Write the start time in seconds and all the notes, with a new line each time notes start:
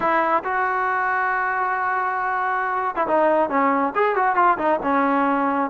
0.00 E4
0.44 F#4
2.95 E4
3.07 D#4
3.49 C#4
3.95 G#4
4.15 F#4
4.35 F4
4.57 D#4
4.83 C#4